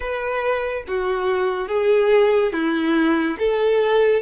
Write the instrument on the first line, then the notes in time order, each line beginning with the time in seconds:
violin
0.00 B4
0.87 F#4
1.68 G#4
2.52 E4
3.38 A4